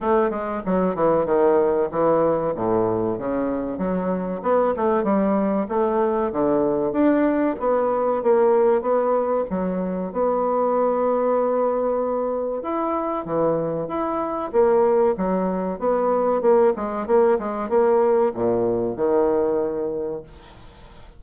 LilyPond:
\new Staff \with { instrumentName = "bassoon" } { \time 4/4 \tempo 4 = 95 a8 gis8 fis8 e8 dis4 e4 | a,4 cis4 fis4 b8 a8 | g4 a4 d4 d'4 | b4 ais4 b4 fis4 |
b1 | e'4 e4 e'4 ais4 | fis4 b4 ais8 gis8 ais8 gis8 | ais4 ais,4 dis2 | }